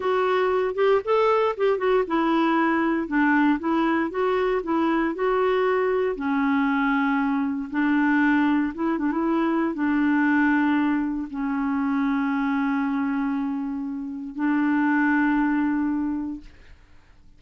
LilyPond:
\new Staff \with { instrumentName = "clarinet" } { \time 4/4 \tempo 4 = 117 fis'4. g'8 a'4 g'8 fis'8 | e'2 d'4 e'4 | fis'4 e'4 fis'2 | cis'2. d'4~ |
d'4 e'8 d'16 e'4~ e'16 d'4~ | d'2 cis'2~ | cis'1 | d'1 | }